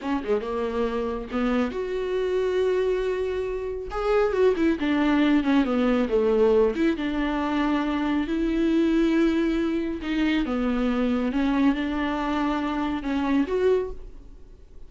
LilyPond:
\new Staff \with { instrumentName = "viola" } { \time 4/4 \tempo 4 = 138 cis'8 gis8 ais2 b4 | fis'1~ | fis'4 gis'4 fis'8 e'8 d'4~ | d'8 cis'8 b4 a4. e'8 |
d'2. e'4~ | e'2. dis'4 | b2 cis'4 d'4~ | d'2 cis'4 fis'4 | }